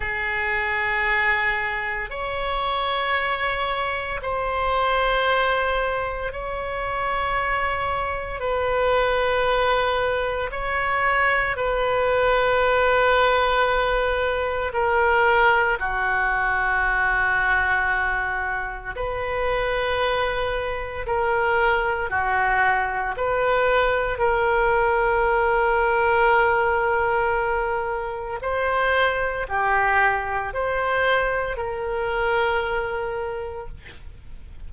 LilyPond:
\new Staff \with { instrumentName = "oboe" } { \time 4/4 \tempo 4 = 57 gis'2 cis''2 | c''2 cis''2 | b'2 cis''4 b'4~ | b'2 ais'4 fis'4~ |
fis'2 b'2 | ais'4 fis'4 b'4 ais'4~ | ais'2. c''4 | g'4 c''4 ais'2 | }